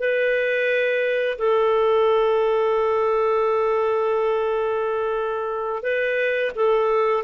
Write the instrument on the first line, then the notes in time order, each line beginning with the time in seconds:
clarinet
0.00 B4
1.39 A4
5.83 B4
6.56 A4